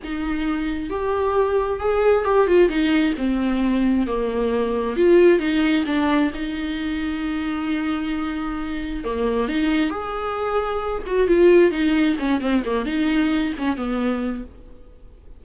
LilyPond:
\new Staff \with { instrumentName = "viola" } { \time 4/4 \tempo 4 = 133 dis'2 g'2 | gis'4 g'8 f'8 dis'4 c'4~ | c'4 ais2 f'4 | dis'4 d'4 dis'2~ |
dis'1 | ais4 dis'4 gis'2~ | gis'8 fis'8 f'4 dis'4 cis'8 c'8 | ais8 dis'4. cis'8 b4. | }